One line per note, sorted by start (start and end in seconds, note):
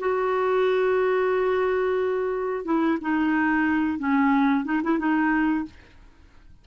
0.00 2.65 F#4
2.65 2.98 E4
3.02 3.99 D#4
3.99 4.65 C#4
4.65 4.82 D#4
4.84 4.99 E4
4.99 5.66 D#4